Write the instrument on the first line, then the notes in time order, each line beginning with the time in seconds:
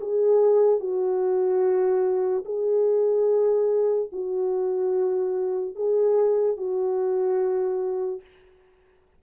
horn
0.00 G#4
0.79 F#4
2.45 G#4
4.12 F#4
5.75 G#4
6.56 F#4